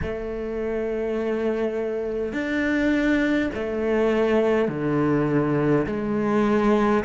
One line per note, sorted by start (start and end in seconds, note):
0.02 2.32 A3
2.32 3.50 D4
3.54 4.68 A3
4.68 5.86 D3
5.86 7.04 G#3